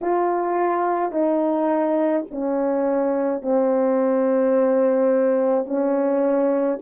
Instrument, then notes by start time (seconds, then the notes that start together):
horn
0.01 F4
1.11 D#4
2.31 C#4
3.42 C4
5.65 C#4